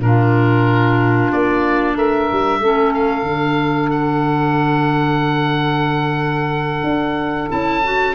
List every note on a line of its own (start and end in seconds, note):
0.00 1.30 A#2
0.00 2.62 D4
0.00 1.95 F4
0.00 1.32 A#4
1.32 1.96 A#3
1.32 1.98 D5
1.95 2.29 A3
1.95 2.60 A#4
1.95 2.94 E5
2.32 2.59 G3
2.59 3.23 A3
2.59 3.25 C#4
2.59 8.15 A4
2.94 3.91 F5
3.23 6.82 D3
3.23 7.49 D4
3.91 7.49 F#5
6.84 7.49 D4
7.49 8.15 C#4
7.49 7.82 E4
7.49 8.15 A5
7.84 8.15 F#4